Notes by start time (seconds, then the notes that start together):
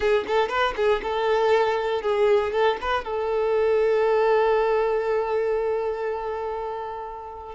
0.00 G#4
0.27 A4
0.49 B4
0.76 G#4
1.02 A4
2.02 G#4
2.51 A4
2.81 B4
3.04 A4